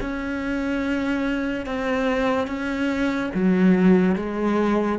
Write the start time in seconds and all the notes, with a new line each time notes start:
0.00 C#4
1.66 C4
2.47 C#4
3.34 F#3
4.15 G#3